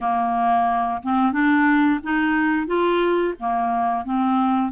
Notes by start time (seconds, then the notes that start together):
0.00 A#3
1.02 C4
1.32 D4
2.03 D#4
2.66 F4
3.39 A#3
4.04 C4